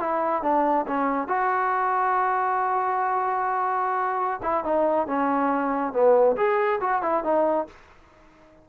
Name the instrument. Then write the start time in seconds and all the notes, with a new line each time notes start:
trombone
0.00 E4
0.43 D4
0.87 C#4
1.28 F#4
4.43 E4
4.64 D#4
5.07 C#4
5.93 B3
6.36 G#4
6.81 F#4
7.02 E4
7.24 D#4